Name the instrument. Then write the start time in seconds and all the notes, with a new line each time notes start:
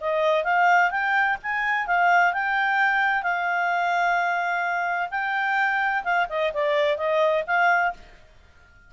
clarinet
0.00 D#5
0.44 F5
0.90 G5
1.43 G#5
1.87 F5
2.33 G5
3.22 F5
5.10 G5
6.04 F5
6.29 D#5
6.53 D5
6.97 D#5
7.46 F5